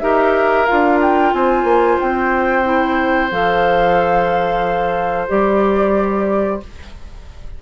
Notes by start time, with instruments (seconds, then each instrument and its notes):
0.00 bassoon D#4, clarinet G4, oboe A#4, flute E5
0.66 clarinet F4, flute F5
0.72 bassoon D4
1.02 flute G5
1.34 bassoon C4, oboe C5, flute G#5
1.64 bassoon A#3
2.00 bassoon C4, flute G5
2.64 clarinet E4
3.32 bassoon F3, clarinet A4, flute F5
5.29 bassoon G3, clarinet G4, flute D5